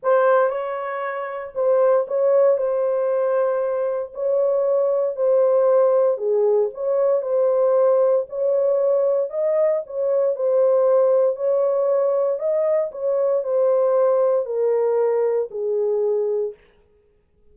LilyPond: \new Staff \with { instrumentName = "horn" } { \time 4/4 \tempo 4 = 116 c''4 cis''2 c''4 | cis''4 c''2. | cis''2 c''2 | gis'4 cis''4 c''2 |
cis''2 dis''4 cis''4 | c''2 cis''2 | dis''4 cis''4 c''2 | ais'2 gis'2 | }